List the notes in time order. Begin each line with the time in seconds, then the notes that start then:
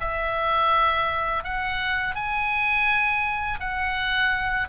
0.00 E5
1.44 F#5
2.15 G#5
3.60 F#5